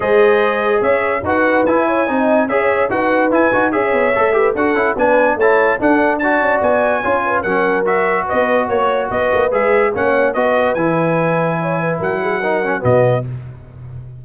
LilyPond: <<
  \new Staff \with { instrumentName = "trumpet" } { \time 4/4 \tempo 4 = 145 dis''2 e''4 fis''4 | gis''2 e''4 fis''4 | gis''4 e''2 fis''4 | gis''4 a''4 fis''4 a''4 |
gis''2 fis''4 e''4 | dis''4 cis''4 dis''4 e''4 | fis''4 dis''4 gis''2~ | gis''4 fis''2 dis''4 | }
  \new Staff \with { instrumentName = "horn" } { \time 4/4 c''2 cis''4 b'4~ | b'8 cis''8 dis''4 cis''4 b'4~ | b'4 cis''4. b'8 a'4 | b'4 cis''4 a'4 d''4~ |
d''4 cis''8 b'8 ais'2 | b'4 cis''4 b'2 | cis''4 b'2. | cis''8 b'8 ais'8 gis'8 ais'4 fis'4 | }
  \new Staff \with { instrumentName = "trombone" } { \time 4/4 gis'2. fis'4 | e'4 dis'4 gis'4 fis'4 | e'8 fis'8 gis'4 a'8 g'8 fis'8 e'8 | d'4 e'4 d'4 fis'4~ |
fis'4 f'4 cis'4 fis'4~ | fis'2. gis'4 | cis'4 fis'4 e'2~ | e'2 dis'8 cis'8 b4 | }
  \new Staff \with { instrumentName = "tuba" } { \time 4/4 gis2 cis'4 dis'4 | e'4 c'4 cis'4 dis'4 | e'8 dis'8 cis'8 b8 a4 d'8 cis'8 | b4 a4 d'4. cis'8 |
b4 cis'4 fis2 | b4 ais4 b8 ais8 gis4 | ais4 b4 e2~ | e4 fis2 b,4 | }
>>